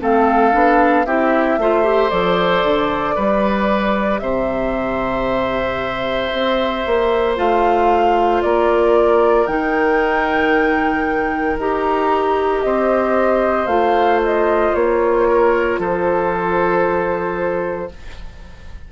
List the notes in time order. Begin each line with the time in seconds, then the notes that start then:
0.00 A3 C4 A4 F5
0.52 B3 D4
1.06 C4 E4 G4 E5
1.58 A3 F4 C5
1.83 G4
2.10 F3 A4 D5
2.63 D3
3.15 G3 G4 B4
4.19 C3 C5 E5
6.32 C4
6.86 A#3
7.36 A3 F4 F5
8.42 A#3 A#4 D5
9.46 D#3 D#4 G5
11.58 D#4 G4 A#5
12.61 C4 C5 D#5
13.66 A3 F4 F5
14.24 D#5
14.74 A#3 C#5
15.28 A#4
15.78 F3 A4 C5